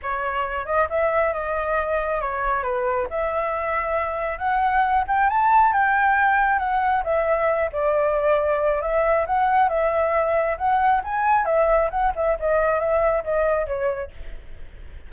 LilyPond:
\new Staff \with { instrumentName = "flute" } { \time 4/4 \tempo 4 = 136 cis''4. dis''8 e''4 dis''4~ | dis''4 cis''4 b'4 e''4~ | e''2 fis''4. g''8 | a''4 g''2 fis''4 |
e''4. d''2~ d''8 | e''4 fis''4 e''2 | fis''4 gis''4 e''4 fis''8 e''8 | dis''4 e''4 dis''4 cis''4 | }